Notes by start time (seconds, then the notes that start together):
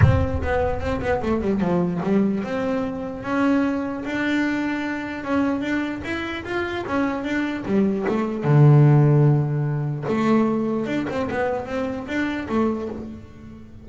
0.01 C4
0.42 B3
0.80 C4
1.01 B3
1.22 A3
1.41 G3
1.60 F3
2.03 G3
2.43 C4
3.23 C#4
4.04 D4
5.24 C#4
5.61 D4
6.03 E4
6.44 F4
6.87 C#4
7.24 D4
7.65 G3
8.08 A3
8.43 D3
10.08 A3
10.86 D4
11.09 C4
11.30 B3
11.66 C4
12.07 D4
12.48 A3